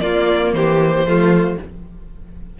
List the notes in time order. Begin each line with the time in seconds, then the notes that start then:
0.00 A#3 F4 D5
0.53 E3 G4 C5
1.05 F3 A3 F4